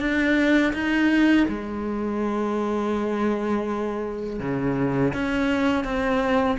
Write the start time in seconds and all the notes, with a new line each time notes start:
0.00 D4
0.74 D#4
1.48 G#3
4.40 C#3
5.14 C#4
5.84 C4